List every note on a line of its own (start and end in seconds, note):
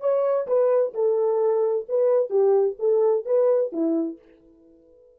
0.00 0.47 C#5
0.47 0.93 B4
0.94 1.87 A4
1.89 2.30 B4
2.30 2.76 G4
2.79 3.26 A4
3.26 3.72 B4
3.72 4.19 E4